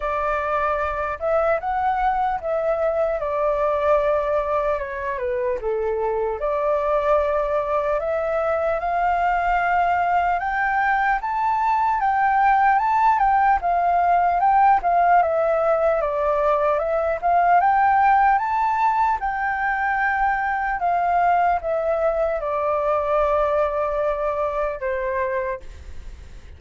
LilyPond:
\new Staff \with { instrumentName = "flute" } { \time 4/4 \tempo 4 = 75 d''4. e''8 fis''4 e''4 | d''2 cis''8 b'8 a'4 | d''2 e''4 f''4~ | f''4 g''4 a''4 g''4 |
a''8 g''8 f''4 g''8 f''8 e''4 | d''4 e''8 f''8 g''4 a''4 | g''2 f''4 e''4 | d''2. c''4 | }